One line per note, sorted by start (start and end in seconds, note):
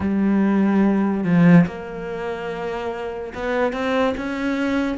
0.00 1.24 G3
1.24 1.65 F3
1.66 3.33 A#3
3.34 3.73 B3
3.73 4.14 C4
4.17 4.97 C#4